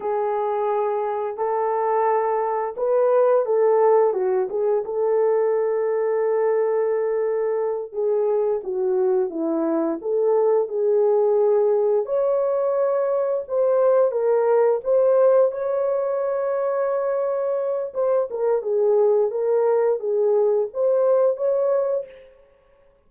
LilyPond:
\new Staff \with { instrumentName = "horn" } { \time 4/4 \tempo 4 = 87 gis'2 a'2 | b'4 a'4 fis'8 gis'8 a'4~ | a'2.~ a'8 gis'8~ | gis'8 fis'4 e'4 a'4 gis'8~ |
gis'4. cis''2 c''8~ | c''8 ais'4 c''4 cis''4.~ | cis''2 c''8 ais'8 gis'4 | ais'4 gis'4 c''4 cis''4 | }